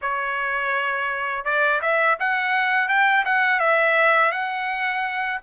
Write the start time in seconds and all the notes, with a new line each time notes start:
0.01 C#5
1.44 D5
1.81 E5
2.19 F#5
2.88 G5
3.25 F#5
3.59 E5
4.31 F#5